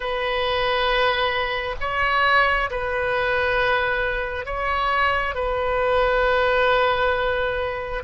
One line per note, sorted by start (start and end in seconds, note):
0.00 1.75 B4
1.80 2.69 C#5
2.70 4.45 B4
4.45 5.34 C#5
5.34 8.03 B4